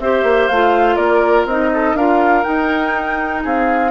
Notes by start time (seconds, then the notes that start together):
0.00 C4 G4 C5 E5
0.23 A#3
0.48 A3 F4 F5
0.96 A#3 A#4 D5
1.46 C4 D#4 D#5
1.74 A4
1.95 D4 F4 A#4 F5
2.44 D#4 G5
3.44 C4 G#4 F5